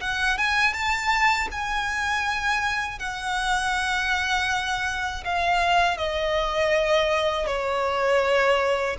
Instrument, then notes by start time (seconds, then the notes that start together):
violin
0.00 F#5
0.38 G#5
0.73 A5
1.51 G#5
2.98 F#5
5.24 F5
5.97 D#5
7.46 C#5